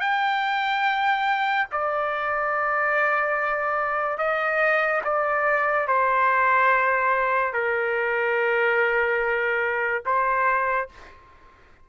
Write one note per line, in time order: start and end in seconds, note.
0.00 1.67 G5
1.72 4.18 D5
4.18 5.01 D#5
5.04 5.87 D5
5.87 7.53 C5
7.53 10.03 A#4
10.05 10.89 C5